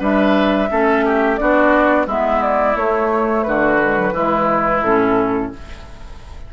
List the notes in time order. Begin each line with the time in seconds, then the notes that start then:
0.00 G3 D4 B4 E5
0.70 A3 C#4 A4
1.05 G4
1.37 B3 D4 F#4 D5
2.07 G#3 B3 E4 E5
2.42 D5
2.75 A3 C#5
3.43 D3 F#4 B4
3.82 G#3
3.97 F#3
4.12 E3 G#3 E4
4.82 A2 C#4 A4